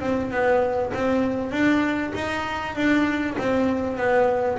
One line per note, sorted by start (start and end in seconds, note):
0.00 0.31 C4
0.31 0.92 B3
0.94 1.51 C4
1.51 2.12 D4
2.14 2.75 D#4
2.75 3.36 D4
3.38 3.97 C4
3.97 4.58 B3